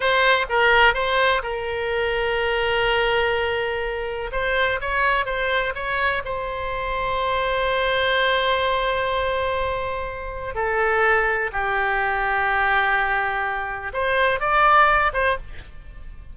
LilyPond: \new Staff \with { instrumentName = "oboe" } { \time 4/4 \tempo 4 = 125 c''4 ais'4 c''4 ais'4~ | ais'1~ | ais'4 c''4 cis''4 c''4 | cis''4 c''2.~ |
c''1~ | c''2 a'2 | g'1~ | g'4 c''4 d''4. c''8 | }